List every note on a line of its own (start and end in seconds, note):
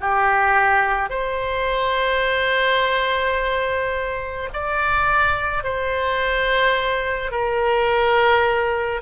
0.00 1.10 G4
1.10 4.49 C5
4.53 5.63 D5
5.63 7.31 C5
7.31 9.01 A#4